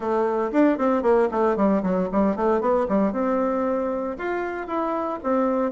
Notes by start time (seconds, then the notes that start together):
0.00 A3
0.51 D4
0.78 C4
1.02 A#3
1.31 A3
1.56 G3
1.83 F#3
2.12 G3
2.35 A3
2.60 B3
2.88 G3
3.12 C4
4.17 F4
4.67 E4
5.23 C4